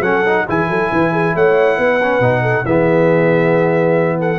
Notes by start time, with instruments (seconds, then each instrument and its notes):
0.00 tuba F#3, trombone C#4, horn A4, trumpet F#5
0.26 trombone D#4
0.46 tuba E3, trombone E4, horn G#4, trumpet G#5
0.69 tuba F#3, horn A4
0.91 tuba E3, horn B4
1.12 horn G#4
1.35 tuba A3, horn C#5, trumpet F#5
1.77 tuba B3, horn B4
2.03 trombone C#4
2.20 tuba B2, trombone D#4
2.42 horn A4
2.65 tuba E3, trombone B3, horn G#4, trumpet E5
4.19 horn A4, trumpet F#5